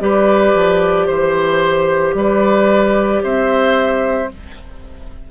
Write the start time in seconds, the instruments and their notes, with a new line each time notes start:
0.00 bassoon G3, clarinet G4, oboe B4, flute D5
0.54 bassoon F3
1.07 bassoon E3, flute C5, oboe C5
2.14 bassoon G3, oboe B4, flute D5
3.23 bassoon C4, oboe C5, flute E5